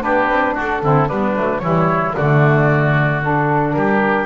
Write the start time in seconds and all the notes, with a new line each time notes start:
0.00 B3 D4 G4 B4
0.29 C4
0.54 D4 F#4
0.61 A4
0.82 D3 C4 E4
1.08 G3 B3 D4 B4
1.35 F#3 A3
1.59 E3 G3 E4 C#5
2.15 D3 A3 F#4 D5
3.21 D4 A4
3.72 G3 G4 A#4